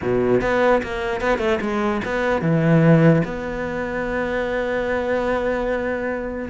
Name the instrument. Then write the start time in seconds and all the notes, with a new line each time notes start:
cello
0.01 B2
0.41 B3
0.83 A#3
1.20 B3
1.38 A3
1.60 G#3
2.05 B3
2.41 E3
3.25 B3